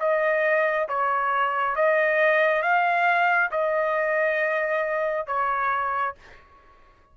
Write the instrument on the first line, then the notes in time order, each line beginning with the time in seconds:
trumpet
0.00 D#5
0.89 C#5
1.76 D#5
2.63 F5
3.52 D#5
5.27 C#5